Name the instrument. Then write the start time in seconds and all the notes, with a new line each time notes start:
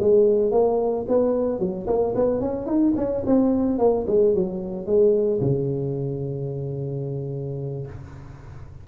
tuba
0.00 G#3
0.52 A#3
1.08 B3
1.59 F#3
1.87 A#3
2.15 B3
2.40 C#4
2.66 D#4
2.97 C#4
3.26 C4
3.79 A#3
4.08 G#3
4.35 F#3
4.86 G#3
5.41 C#3